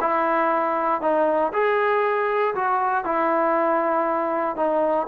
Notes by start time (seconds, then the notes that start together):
0.00 E4
1.01 D#4
1.53 G#4
2.54 F#4
3.04 E4
4.56 D#4